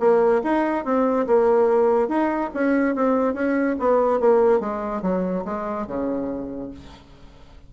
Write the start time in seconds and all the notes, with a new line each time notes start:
0.00 A#3
0.44 D#4
0.85 C4
1.27 A#3
2.09 D#4
2.54 C#4
2.96 C4
3.34 C#4
3.80 B3
4.20 A#3
4.60 G#3
5.02 F#3
5.45 G#3
5.87 C#3